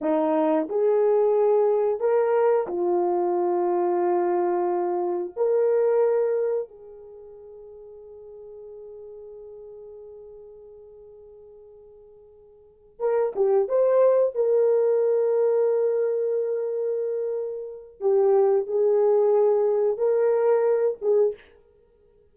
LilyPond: \new Staff \with { instrumentName = "horn" } { \time 4/4 \tempo 4 = 90 dis'4 gis'2 ais'4 | f'1 | ais'2 gis'2~ | gis'1~ |
gis'2.~ gis'8 ais'8 | g'8 c''4 ais'2~ ais'8~ | ais'2. g'4 | gis'2 ais'4. gis'8 | }